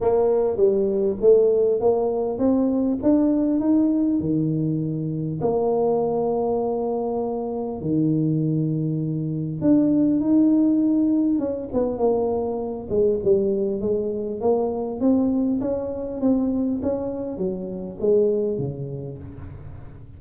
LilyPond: \new Staff \with { instrumentName = "tuba" } { \time 4/4 \tempo 4 = 100 ais4 g4 a4 ais4 | c'4 d'4 dis'4 dis4~ | dis4 ais2.~ | ais4 dis2. |
d'4 dis'2 cis'8 b8 | ais4. gis8 g4 gis4 | ais4 c'4 cis'4 c'4 | cis'4 fis4 gis4 cis4 | }